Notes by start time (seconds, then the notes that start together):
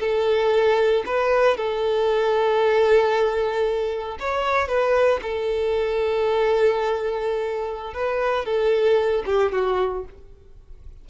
0.00 A4
1.06 B4
1.57 A4
4.20 C#5
4.69 B4
5.23 A4
7.94 B4
8.46 A4
9.26 G4
9.53 F#4